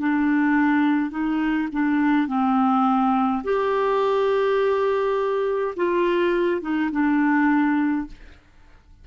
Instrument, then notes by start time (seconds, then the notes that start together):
clarinet
0.00 D4
1.11 D#4
1.73 D4
2.28 C4
3.45 G4
5.76 F4
6.62 D#4
6.92 D4